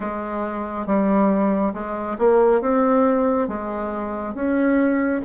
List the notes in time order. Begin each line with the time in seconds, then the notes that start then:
0.00 G#3
0.86 G3
1.73 G#3
2.18 A#3
2.61 C4
3.47 G#3
4.34 C#4